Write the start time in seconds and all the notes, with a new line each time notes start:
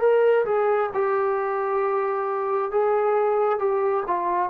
0.00 A#4
0.45 G#4
0.94 G4
2.71 G#4
3.59 G4
4.07 F4